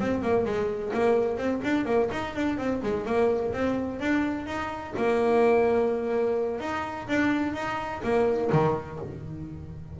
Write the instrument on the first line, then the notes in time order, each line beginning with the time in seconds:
double bass
0.00 C4
0.22 A#3
0.45 G#3
0.94 A#3
1.38 C4
1.64 D4
1.86 A#3
2.12 D#4
2.36 D4
2.58 C4
2.83 G#3
3.06 A#3
3.53 C4
4.00 D4
4.47 D#4
4.97 A#3
6.60 D#4
7.08 D4
7.54 D#4
8.04 A#3
8.53 D#3